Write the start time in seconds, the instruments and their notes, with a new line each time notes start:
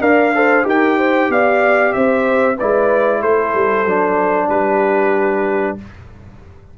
0.00 tuba D4, trombone A#4, horn D5, trumpet F5
0.35 trombone A4, horn C5
0.63 tuba D#4, trombone G4, horn A#4, trumpet G5
0.97 horn C5
1.29 tuba B3, horn D5, trumpet F5
1.93 tuba C4, horn C5, trumpet E5
2.56 tuba G#3, trombone E4, horn B4, trumpet D5
3.20 tuba A3, horn A4, trumpet C5
3.54 tuba G3
3.85 tuba F#3, trombone D4
4.48 tuba G3, horn G4, trumpet B4